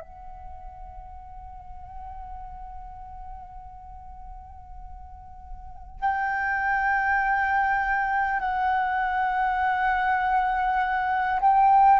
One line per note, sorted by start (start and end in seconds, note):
0.00 6.00 F#5
6.00 8.39 G5
8.39 11.39 F#5
11.40 11.99 G5